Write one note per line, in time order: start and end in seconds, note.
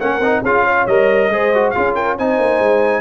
0.00 0.20 A#3
0.00 0.22 C#4
0.00 0.43 A#4
0.00 0.43 F#5
0.20 0.41 C4
0.20 0.45 D#4
0.43 0.86 C#4
0.43 0.89 F4
0.43 0.64 G#4
0.43 0.87 F5
0.65 1.30 C#5
0.87 1.29 G3
0.87 1.32 A#4
0.87 1.71 D#5
1.29 1.73 G#3
1.29 1.55 G#4
1.29 1.75 C5
1.55 1.75 F#4
1.71 2.19 F4
1.71 1.95 G#4
1.71 1.93 F5
1.77 2.19 C#4
1.95 2.16 A#4
1.95 2.17 G5
2.18 2.39 C4
2.18 3.01 D#4
2.18 3.01 C5
2.18 3.01 G#5
2.39 2.60 A#3
2.60 3.01 G#3